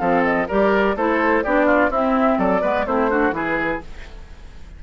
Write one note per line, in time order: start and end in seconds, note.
0.00 0.49 F3
0.00 0.48 C4
0.00 0.48 A4
0.00 0.24 F5
0.24 0.48 D#5
0.48 0.97 G3
0.48 0.98 G4
0.48 0.96 A#4
0.48 0.97 D5
0.97 1.44 A3
0.97 1.45 E4
0.97 1.44 A4
0.97 1.44 C5
1.44 1.90 B3
1.44 1.91 D4
1.44 1.66 G4
1.44 1.92 D5
1.66 1.90 F4
1.90 2.38 C4
1.90 2.62 C4
1.90 2.39 E4
1.90 2.40 E5
2.39 2.63 F#3
2.39 2.62 A4
2.39 2.87 D5
2.62 2.87 G#3
2.62 2.86 B3
2.62 2.86 B4
2.86 3.32 A3
2.86 3.10 C4
2.86 3.11 E4
2.86 3.34 C5
3.11 3.33 D4
3.11 3.35 F#4
3.32 3.80 E3
3.32 3.81 E4
3.32 3.84 G#4
3.32 3.82 B4